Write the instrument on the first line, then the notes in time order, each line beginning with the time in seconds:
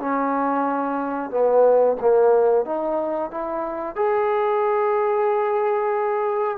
trombone
0.00 C#4
1.31 B3
2.01 A#3
2.66 D#4
3.31 E4
3.96 G#4